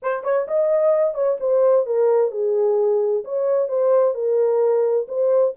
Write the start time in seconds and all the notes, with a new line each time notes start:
0.02 C5
0.23 C#5
0.47 D#5
1.14 C#5
1.40 C5
1.86 A#4
2.31 G#4
3.24 C#5
3.68 C5
4.14 A#4
5.08 C5